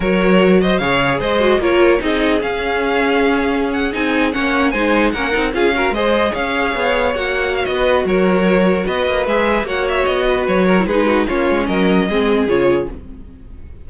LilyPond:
<<
  \new Staff \with { instrumentName = "violin" } { \time 4/4 \tempo 4 = 149 cis''4. dis''8 f''4 dis''4 | cis''4 dis''4 f''2~ | f''4~ f''16 fis''8 gis''4 fis''4 gis''16~ | gis''8. fis''4 f''4 dis''4 f''16~ |
f''4.~ f''16 fis''4 f''16 dis''4 | cis''2 dis''4 e''4 | fis''8 e''8 dis''4 cis''4 b'4 | cis''4 dis''2 cis''4 | }
  \new Staff \with { instrumentName = "violin" } { \time 4/4 ais'4. c''8 cis''4 c''4 | ais'4 gis'2.~ | gis'2~ gis'8. cis''4 c''16~ | c''8. ais'4 gis'8 ais'8 c''4 cis''16~ |
cis''2.~ cis''16 b'8. | ais'2 b'2 | cis''4. b'4 ais'8 gis'8 fis'8 | f'4 ais'4 gis'2 | }
  \new Staff \with { instrumentName = "viola" } { \time 4/4 fis'2 gis'4. fis'8 | f'4 dis'4 cis'2~ | cis'4.~ cis'16 dis'4 cis'4 dis'16~ | dis'8. cis'8 dis'8 f'8 fis'8 gis'4~ gis'16~ |
gis'4.~ gis'16 fis'2~ fis'16~ | fis'2. gis'4 | fis'2~ fis'8. e'16 dis'4 | cis'2 c'4 f'4 | }
  \new Staff \with { instrumentName = "cello" } { \time 4/4 fis2 cis4 gis4 | ais4 c'4 cis'2~ | cis'4.~ cis'16 c'4 ais4 gis16~ | gis8. ais8 c'8 cis'4 gis4 cis'16~ |
cis'8. b4 ais4~ ais16 b4 | fis2 b8 ais8 gis4 | ais4 b4 fis4 gis4 | ais8 gis8 fis4 gis4 cis4 | }
>>